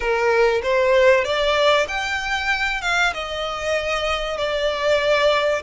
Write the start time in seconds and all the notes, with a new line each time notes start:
0.00 A#4
0.62 C5
1.24 D5
1.88 G5
2.81 F5
3.13 D#5
4.37 D5